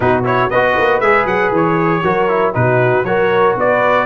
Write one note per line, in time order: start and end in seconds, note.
0.00 0.50 B2
0.00 0.23 D#4
0.00 0.50 F#4
0.00 0.23 B4
0.24 0.49 E4
0.24 0.49 C#5
0.49 0.76 B3
0.49 1.02 F#4
0.49 2.03 B4
0.49 1.00 D#5
0.77 1.00 A#3
1.00 1.25 G#3
1.00 2.03 G#4
1.00 1.25 E5
1.25 1.50 F#3
1.25 1.52 F#5
1.51 2.02 E3
1.51 2.53 C#5
2.03 2.54 F#3
2.03 2.28 F#4
2.03 2.54 A#4
2.28 2.53 E4
2.53 3.03 B2
2.53 3.04 D#4
2.53 3.06 F#4
2.53 3.04 B4
3.03 3.54 F#3
3.03 4.05 F#4
3.03 3.57 A#4
3.03 3.55 C#5
3.56 4.05 B3
3.56 4.05 B4
3.56 4.05 D5